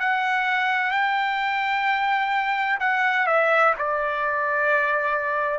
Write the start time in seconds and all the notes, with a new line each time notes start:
0.00 F#5
0.91 G5
2.80 F#5
3.27 E5
3.78 D5